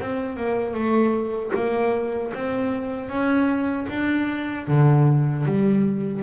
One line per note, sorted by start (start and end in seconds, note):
0.00 0.36 C4
0.36 0.74 A#3
0.74 1.52 A3
1.54 2.32 A#3
2.34 3.09 C4
3.09 3.86 C#4
3.89 4.66 D4
4.67 5.45 D3
5.45 6.22 G3